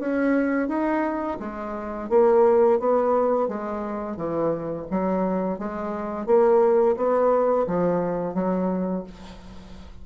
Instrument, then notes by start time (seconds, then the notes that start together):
bassoon
0.00 C#4
0.68 D#4
1.40 G#3
2.10 A#3
2.80 B3
3.49 G#3
4.17 E3
4.91 F#3
5.59 G#3
6.26 A#3
6.97 B3
7.67 F3
8.35 F#3